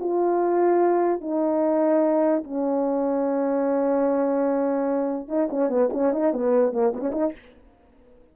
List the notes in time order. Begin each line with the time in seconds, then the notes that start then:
0.00 F4
1.21 D#4
2.44 C#4
5.29 D#4
5.50 C#4
5.70 B3
5.93 C#4
6.13 D#4
6.33 B3
6.73 A#3
6.94 B3
7.01 C#4
7.12 D#4